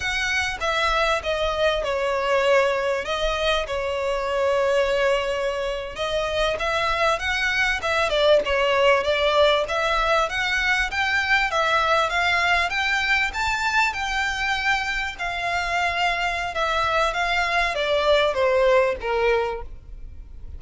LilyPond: \new Staff \with { instrumentName = "violin" } { \time 4/4 \tempo 4 = 98 fis''4 e''4 dis''4 cis''4~ | cis''4 dis''4 cis''2~ | cis''4.~ cis''16 dis''4 e''4 fis''16~ | fis''8. e''8 d''8 cis''4 d''4 e''16~ |
e''8. fis''4 g''4 e''4 f''16~ | f''8. g''4 a''4 g''4~ g''16~ | g''8. f''2~ f''16 e''4 | f''4 d''4 c''4 ais'4 | }